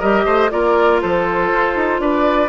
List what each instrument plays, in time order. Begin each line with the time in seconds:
0.00 bassoon G3, clarinet G4, oboe A#4, flute D#5
0.25 bassoon A3, oboe C5
0.51 bassoon A#3, clarinet F4, oboe A#4, flute D5
1.02 bassoon F3, oboe A4, flute C5
1.51 bassoon F4
1.76 bassoon D#4
2.00 bassoon D4, oboe B4, flute D5